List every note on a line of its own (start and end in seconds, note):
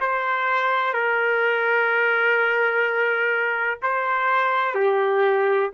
0.00 0.93 C5
0.93 3.79 A#4
3.82 4.74 C5
4.74 5.70 G4